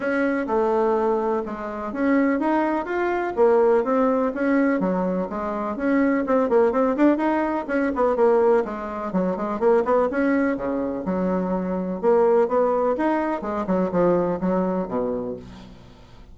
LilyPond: \new Staff \with { instrumentName = "bassoon" } { \time 4/4 \tempo 4 = 125 cis'4 a2 gis4 | cis'4 dis'4 f'4 ais4 | c'4 cis'4 fis4 gis4 | cis'4 c'8 ais8 c'8 d'8 dis'4 |
cis'8 b8 ais4 gis4 fis8 gis8 | ais8 b8 cis'4 cis4 fis4~ | fis4 ais4 b4 dis'4 | gis8 fis8 f4 fis4 b,4 | }